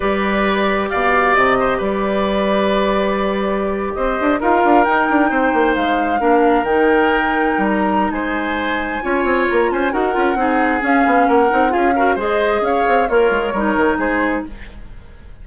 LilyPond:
<<
  \new Staff \with { instrumentName = "flute" } { \time 4/4 \tempo 4 = 133 d''2 f''4 dis''4 | d''1~ | d''8. dis''4 f''4 g''4~ g''16~ | g''8. f''2 g''4~ g''16~ |
g''4 ais''4 gis''2~ | gis''4 ais''8 gis''8 fis''2 | f''4 fis''4 f''4 dis''4 | f''4 cis''2 c''4 | }
  \new Staff \with { instrumentName = "oboe" } { \time 4/4 b'2 d''4. c''8 | b'1~ | b'8. c''4 ais'2 c''16~ | c''4.~ c''16 ais'2~ ais'16~ |
ais'2 c''2 | cis''4. c''8 ais'4 gis'4~ | gis'4 ais'4 gis'8 ais'8 c''4 | cis''4 f'4 ais'4 gis'4 | }
  \new Staff \with { instrumentName = "clarinet" } { \time 4/4 g'1~ | g'1~ | g'4.~ g'16 f'4 dis'4~ dis'16~ | dis'4.~ dis'16 d'4 dis'4~ dis'16~ |
dis'1 | f'2 fis'8 f'8 dis'4 | cis'4. dis'8 f'8 fis'8 gis'4~ | gis'4 ais'4 dis'2 | }
  \new Staff \with { instrumentName = "bassoon" } { \time 4/4 g2 b,4 c4 | g1~ | g8. c'8 d'8 dis'8 d'8 dis'8 d'8 c'16~ | c'16 ais8 gis4 ais4 dis4~ dis16~ |
dis8. g4~ g16 gis2 | cis'8 c'8 ais8 cis'8 dis'8 cis'8 c'4 | cis'8 b8 ais8 c'8 cis'4 gis4 | cis'8 c'8 ais8 gis8 g8 dis8 gis4 | }
>>